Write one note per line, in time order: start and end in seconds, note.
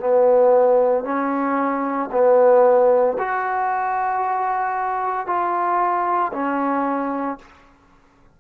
0.00 1.04 B3
1.04 2.09 C#4
2.11 3.17 B3
3.19 5.27 F#4
5.27 6.32 F4
6.33 7.38 C#4